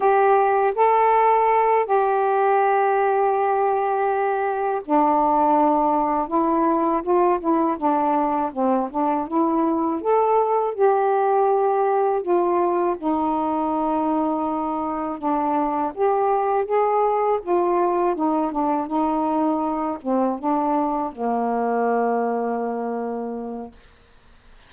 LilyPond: \new Staff \with { instrumentName = "saxophone" } { \time 4/4 \tempo 4 = 81 g'4 a'4. g'4.~ | g'2~ g'8 d'4.~ | d'8 e'4 f'8 e'8 d'4 c'8 | d'8 e'4 a'4 g'4.~ |
g'8 f'4 dis'2~ dis'8~ | dis'8 d'4 g'4 gis'4 f'8~ | f'8 dis'8 d'8 dis'4. c'8 d'8~ | d'8 ais2.~ ais8 | }